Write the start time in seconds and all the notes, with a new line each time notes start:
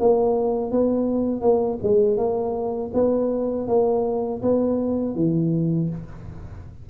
0.00 A#3
0.71 B3
1.41 A#3
1.83 G#3
2.18 A#3
2.94 B3
3.68 A#3
4.42 B3
5.15 E3